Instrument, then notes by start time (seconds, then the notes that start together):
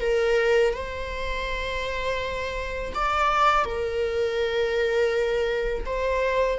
viola
0.00 A#4
0.74 C5
2.94 D5
3.65 A#4
5.85 C5